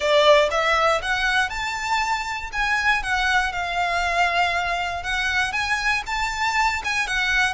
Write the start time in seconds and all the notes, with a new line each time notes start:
0.00 D5
0.50 E5
1.02 F#5
1.49 A5
2.52 G#5
3.02 F#5
3.52 F5
5.03 F#5
5.52 G#5
6.06 A5
6.84 G#5
7.07 F#5